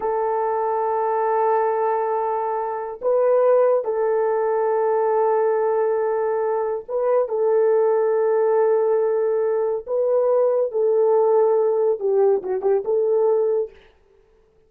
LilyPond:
\new Staff \with { instrumentName = "horn" } { \time 4/4 \tempo 4 = 140 a'1~ | a'2. b'4~ | b'4 a'2.~ | a'1 |
b'4 a'2.~ | a'2. b'4~ | b'4 a'2. | g'4 fis'8 g'8 a'2 | }